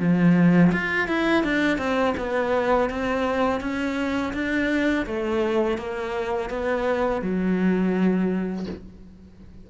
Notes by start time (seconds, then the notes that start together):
0.00 F3
0.73 F4
1.08 E4
1.44 D4
1.78 C4
2.18 B3
2.90 C4
3.61 C#4
4.34 D4
5.07 A3
5.78 A#3
6.50 B3
7.22 F#3